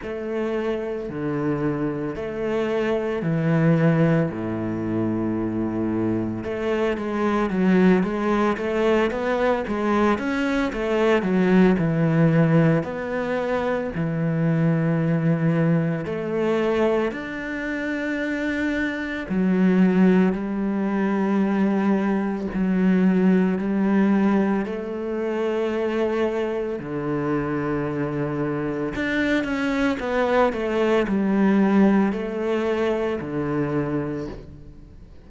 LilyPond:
\new Staff \with { instrumentName = "cello" } { \time 4/4 \tempo 4 = 56 a4 d4 a4 e4 | a,2 a8 gis8 fis8 gis8 | a8 b8 gis8 cis'8 a8 fis8 e4 | b4 e2 a4 |
d'2 fis4 g4~ | g4 fis4 g4 a4~ | a4 d2 d'8 cis'8 | b8 a8 g4 a4 d4 | }